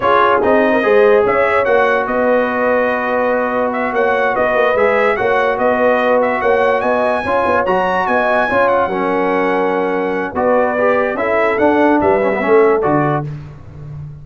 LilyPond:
<<
  \new Staff \with { instrumentName = "trumpet" } { \time 4/4 \tempo 4 = 145 cis''4 dis''2 e''4 | fis''4 dis''2.~ | dis''4 e''8 fis''4 dis''4 e''8~ | e''8 fis''4 dis''4. e''8 fis''8~ |
fis''8 gis''2 ais''4 gis''8~ | gis''4 fis''2.~ | fis''4 d''2 e''4 | fis''4 e''2 d''4 | }
  \new Staff \with { instrumentName = "horn" } { \time 4/4 gis'4.~ gis'16 ais'16 c''4 cis''4~ | cis''4 b'2.~ | b'4. cis''4 b'4.~ | b'8 cis''4 b'2 cis''8~ |
cis''8 dis''4 cis''2 dis''8~ | dis''8 cis''4 ais'2~ ais'8~ | ais'4 b'2 a'4~ | a'4 b'4 a'2 | }
  \new Staff \with { instrumentName = "trombone" } { \time 4/4 f'4 dis'4 gis'2 | fis'1~ | fis'2.~ fis'8 gis'8~ | gis'8 fis'2.~ fis'8~ |
fis'4. f'4 fis'4.~ | fis'8 f'4 cis'2~ cis'8~ | cis'4 fis'4 g'4 e'4 | d'4. cis'16 b16 cis'4 fis'4 | }
  \new Staff \with { instrumentName = "tuba" } { \time 4/4 cis'4 c'4 gis4 cis'4 | ais4 b2.~ | b4. ais4 b8 ais8 gis8~ | gis8 ais4 b2 ais8~ |
ais8 b4 cis'8 b8 fis4 b8~ | b8 cis'4 fis2~ fis8~ | fis4 b2 cis'4 | d'4 g4 a4 d4 | }
>>